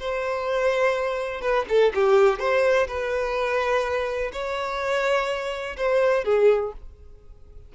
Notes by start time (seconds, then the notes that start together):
0.00 C5
1.42 B4
1.69 A4
1.95 G4
2.40 C5
2.88 B4
4.33 C#5
5.77 C5
6.25 G#4